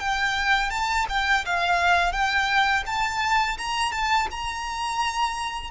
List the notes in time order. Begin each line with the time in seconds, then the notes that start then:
0.00 G5
0.70 A5
1.09 G5
1.45 F5
2.12 G5
2.86 A5
3.58 A#5
3.92 A5
4.31 A#5